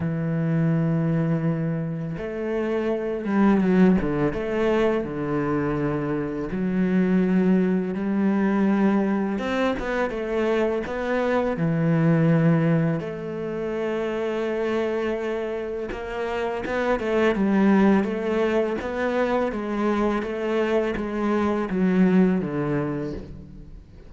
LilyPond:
\new Staff \with { instrumentName = "cello" } { \time 4/4 \tempo 4 = 83 e2. a4~ | a8 g8 fis8 d8 a4 d4~ | d4 fis2 g4~ | g4 c'8 b8 a4 b4 |
e2 a2~ | a2 ais4 b8 a8 | g4 a4 b4 gis4 | a4 gis4 fis4 d4 | }